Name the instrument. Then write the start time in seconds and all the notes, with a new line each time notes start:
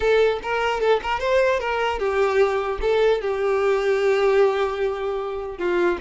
violin
0.00 A4
0.42 A#4
0.80 A4
1.02 A#4
1.19 C5
1.59 A#4
1.99 G4
2.81 A4
3.21 G4
5.57 F4